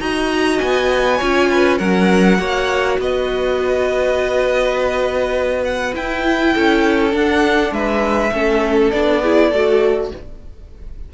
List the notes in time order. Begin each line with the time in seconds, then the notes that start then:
0.00 D#4 F#4 D#5 A#5
0.59 B3 G#5
1.17 C#4 F4 C#5
1.51 B4
1.78 F#3 C#4 A#4 F#5
2.38 A#3 F#4 C#5
2.98 B3 B4 D#5
5.64 F#5
5.93 E4 G5
6.54 C#4 A4
7.11 D4 F#5
7.71 G#3 B4 E5
8.32 A3 C#4 A4
8.90 B3 D4 D5
9.22 E4 G#4
9.50 A3 F#4 A4